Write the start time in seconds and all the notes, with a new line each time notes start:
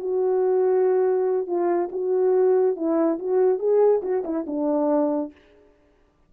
0.00 F#4
1.47 F4
1.92 F#4
2.76 E4
3.19 F#4
3.59 G#4
4.02 F#4
4.24 E4
4.47 D4